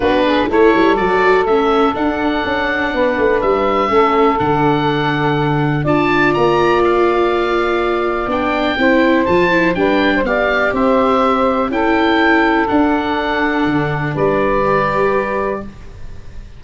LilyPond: <<
  \new Staff \with { instrumentName = "oboe" } { \time 4/4 \tempo 4 = 123 b'4 cis''4 d''4 e''4 | fis''2. e''4~ | e''4 fis''2. | a''4 ais''4 f''2~ |
f''4 g''2 a''4 | g''4 f''4 e''2 | g''2 fis''2~ | fis''4 d''2. | }
  \new Staff \with { instrumentName = "saxophone" } { \time 4/4 fis'8 gis'8 a'2.~ | a'2 b'2 | a'1 | d''1~ |
d''2 c''2 | b'8. c''16 d''4 c''2 | a'1~ | a'4 b'2. | }
  \new Staff \with { instrumentName = "viola" } { \time 4/4 d'4 e'4 fis'4 cis'4 | d'1 | cis'4 d'2. | f'1~ |
f'4 d'4 e'4 f'8 e'8 | d'4 g'2. | e'2 d'2~ | d'2 g'2 | }
  \new Staff \with { instrumentName = "tuba" } { \time 4/4 b4 a8 g8 fis4 a4 | d'4 cis'4 b8 a8 g4 | a4 d2. | d'4 ais2.~ |
ais4 b4 c'4 f4 | g4 b4 c'2 | cis'2 d'2 | d4 g2. | }
>>